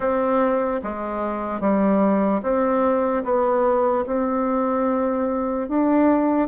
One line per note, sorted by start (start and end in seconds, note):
0.00 0.80 C4
0.83 1.60 G#3
1.60 2.41 G3
2.42 3.23 C4
3.24 4.05 B3
4.06 5.68 C4
5.68 6.48 D4